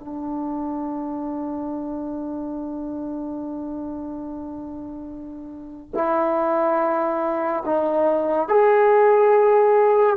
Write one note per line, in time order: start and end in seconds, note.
0.00 5.92 D4
5.95 7.64 E4
7.66 8.49 D#4
8.49 10.18 G#4